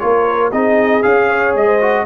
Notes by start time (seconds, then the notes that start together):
0.00 A#3 F4 A#4 C#5
0.52 C4 D#4 G#4 D#5
1.03 C#4 G#4 F5
1.29 C#5
1.55 G#3 D#5
1.66 C5
1.81 F#4